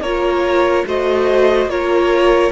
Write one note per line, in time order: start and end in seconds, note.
0.00 0.83 A#3
0.00 0.86 F4
0.00 0.85 A#4
0.00 0.85 C#5
0.86 1.66 A3
0.86 1.69 F#4
0.86 1.70 C5
0.86 1.69 D#5
1.66 2.49 A#3
1.66 2.52 F4
1.66 2.52 A#4
1.66 2.52 C#5